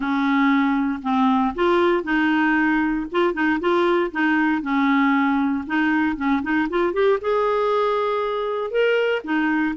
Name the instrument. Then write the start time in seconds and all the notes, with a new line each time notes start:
clarinet
0.00 C#4
1.02 C4
1.54 F4
2.03 D#4
3.11 F4
3.33 D#4
3.60 F4
4.11 D#4
4.62 C#4
5.66 D#4
6.16 C#4
6.42 D#4
6.69 F4
6.93 G4
7.21 G#4
8.70 A#4
9.24 D#4